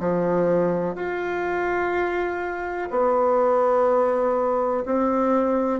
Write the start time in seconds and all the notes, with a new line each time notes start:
0.00 F3
0.95 F4
2.91 B3
4.86 C4